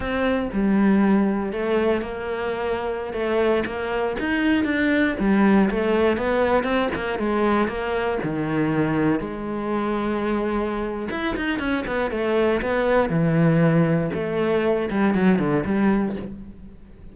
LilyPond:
\new Staff \with { instrumentName = "cello" } { \time 4/4 \tempo 4 = 119 c'4 g2 a4 | ais2~ ais16 a4 ais8.~ | ais16 dis'4 d'4 g4 a8.~ | a16 b4 c'8 ais8 gis4 ais8.~ |
ais16 dis2 gis4.~ gis16~ | gis2 e'8 dis'8 cis'8 b8 | a4 b4 e2 | a4. g8 fis8 d8 g4 | }